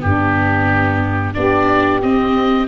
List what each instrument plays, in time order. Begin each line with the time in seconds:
0.00 tuba G2, viola B3, saxophone D4, oboe G4
1.34 tuba B3, viola D4, saxophone G4, oboe D5
2.02 tuba C4, viola C4, oboe D#5